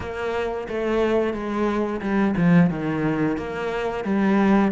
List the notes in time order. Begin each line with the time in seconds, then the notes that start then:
0.00 A#3
0.68 A3
1.33 G#3
2.01 G3
2.36 F3
2.70 D#3
3.37 A#3
4.04 G3